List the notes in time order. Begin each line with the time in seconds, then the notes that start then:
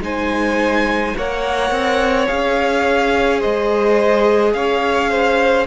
0.00 G#3 D#4 C5 G#5
1.16 A#3 A#4 C#5 F#5
1.71 C4
2.27 C#4 G#4 F5
3.39 G#3 C5 D#5
4.53 C#4 C#5 F5
5.10 C5